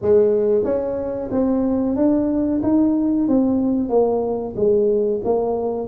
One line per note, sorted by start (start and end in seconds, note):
0.01 0.64 G#3
0.64 1.29 C#4
1.31 1.96 C4
1.96 2.61 D4
2.63 3.28 D#4
3.28 3.89 C4
3.89 4.54 A#3
4.56 5.21 G#3
5.24 5.87 A#3